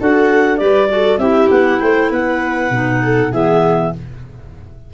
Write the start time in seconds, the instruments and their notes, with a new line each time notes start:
0.00 tuba D4, clarinet F#4 F#5, viola A4
0.58 tuba G3, clarinet G4 D5, viola B4
0.89 clarinet F#4, viola A4
1.18 tuba C4, clarinet E4 E5, viola G4
1.51 tuba B3, clarinet F#5
1.80 tuba A3, viola C5, clarinet G5
2.11 tuba B3, viola B4, clarinet F#5
2.70 tuba B2, clarinet D#4
3.03 viola A4
3.33 tuba E3, clarinet B3 E5, viola G#4